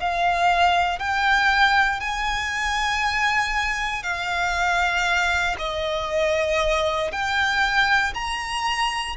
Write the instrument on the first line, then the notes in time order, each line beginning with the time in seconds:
violin
0.00 F5
0.99 G5
2.00 G#5
4.03 F5
5.58 D#5
7.12 G5
8.14 A#5